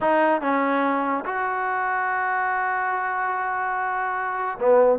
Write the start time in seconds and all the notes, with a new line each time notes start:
0.00 D#4
0.41 C#4
1.25 F#4
4.59 B3